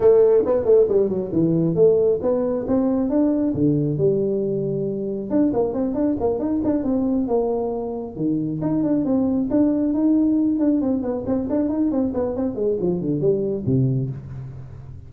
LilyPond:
\new Staff \with { instrumentName = "tuba" } { \time 4/4 \tempo 4 = 136 a4 b8 a8 g8 fis8 e4 | a4 b4 c'4 d'4 | d4 g2. | d'8 ais8 c'8 d'8 ais8 dis'8 d'8 c'8~ |
c'8 ais2 dis4 dis'8 | d'8 c'4 d'4 dis'4. | d'8 c'8 b8 c'8 d'8 dis'8 c'8 b8 | c'8 gis8 f8 d8 g4 c4 | }